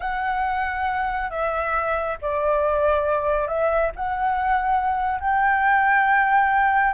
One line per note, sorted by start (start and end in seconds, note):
0.00 1.30 F#5
1.30 2.17 E5
2.21 3.47 D5
3.47 3.91 E5
3.95 5.20 F#5
5.20 6.93 G5